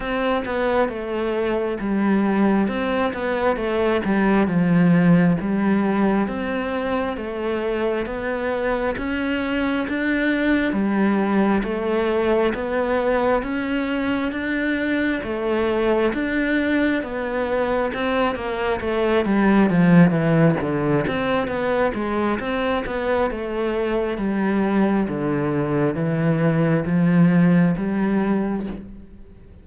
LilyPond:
\new Staff \with { instrumentName = "cello" } { \time 4/4 \tempo 4 = 67 c'8 b8 a4 g4 c'8 b8 | a8 g8 f4 g4 c'4 | a4 b4 cis'4 d'4 | g4 a4 b4 cis'4 |
d'4 a4 d'4 b4 | c'8 ais8 a8 g8 f8 e8 d8 c'8 | b8 gis8 c'8 b8 a4 g4 | d4 e4 f4 g4 | }